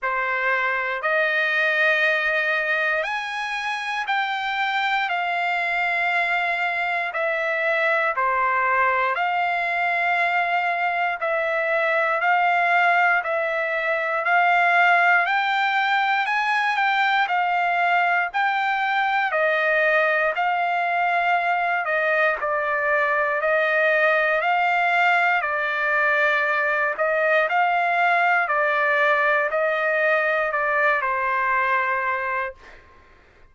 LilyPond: \new Staff \with { instrumentName = "trumpet" } { \time 4/4 \tempo 4 = 59 c''4 dis''2 gis''4 | g''4 f''2 e''4 | c''4 f''2 e''4 | f''4 e''4 f''4 g''4 |
gis''8 g''8 f''4 g''4 dis''4 | f''4. dis''8 d''4 dis''4 | f''4 d''4. dis''8 f''4 | d''4 dis''4 d''8 c''4. | }